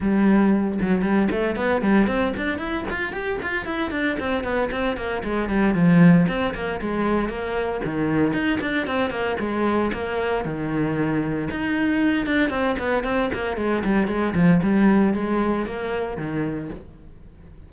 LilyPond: \new Staff \with { instrumentName = "cello" } { \time 4/4 \tempo 4 = 115 g4. fis8 g8 a8 b8 g8 | c'8 d'8 e'8 f'8 g'8 f'8 e'8 d'8 | c'8 b8 c'8 ais8 gis8 g8 f4 | c'8 ais8 gis4 ais4 dis4 |
dis'8 d'8 c'8 ais8 gis4 ais4 | dis2 dis'4. d'8 | c'8 b8 c'8 ais8 gis8 g8 gis8 f8 | g4 gis4 ais4 dis4 | }